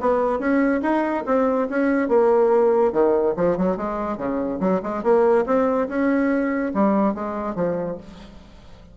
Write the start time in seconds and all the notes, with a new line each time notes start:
0.00 B3
0.39 C#4
0.82 D#4
1.26 C4
1.70 C#4
2.08 A#3
2.92 D#3
3.36 F3
3.57 F#3
3.77 G#3
4.17 C#3
4.60 F#3
4.82 G#3
5.03 A#3
5.46 C4
5.88 C#4
6.74 G3
7.14 G#3
7.55 F3